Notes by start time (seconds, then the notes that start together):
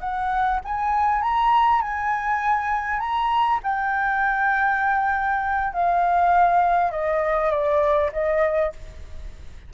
0.00 F#5
0.64 G#5
1.22 A#5
1.82 G#5
2.99 A#5
3.63 G5
5.73 F5
6.91 D#5
7.51 D5
8.12 D#5